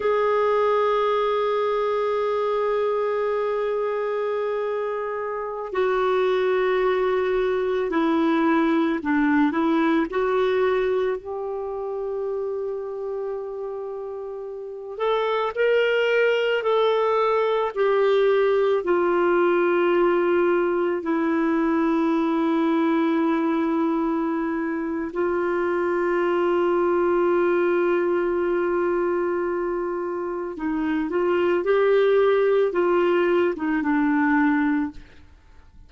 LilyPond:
\new Staff \with { instrumentName = "clarinet" } { \time 4/4 \tempo 4 = 55 gis'1~ | gis'4~ gis'16 fis'2 e'8.~ | e'16 d'8 e'8 fis'4 g'4.~ g'16~ | g'4.~ g'16 a'8 ais'4 a'8.~ |
a'16 g'4 f'2 e'8.~ | e'2. f'4~ | f'1 | dis'8 f'8 g'4 f'8. dis'16 d'4 | }